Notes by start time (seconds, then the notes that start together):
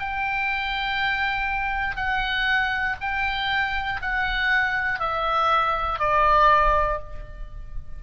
0.00 G5
1.96 F#5
3.01 G5
4.02 F#5
5.00 E5
6.00 D5